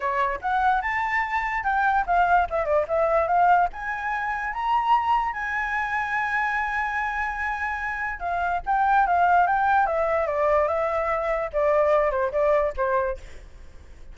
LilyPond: \new Staff \with { instrumentName = "flute" } { \time 4/4 \tempo 4 = 146 cis''4 fis''4 a''2 | g''4 f''4 e''8 d''8 e''4 | f''4 gis''2 ais''4~ | ais''4 gis''2.~ |
gis''1 | f''4 g''4 f''4 g''4 | e''4 d''4 e''2 | d''4. c''8 d''4 c''4 | }